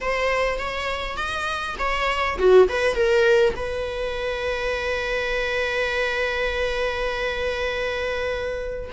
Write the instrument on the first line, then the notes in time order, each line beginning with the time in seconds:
viola
0.01 C5
0.58 C#5
1.16 D#5
1.78 C#5
2.38 F#4
2.68 B4
2.95 A#4
3.56 B4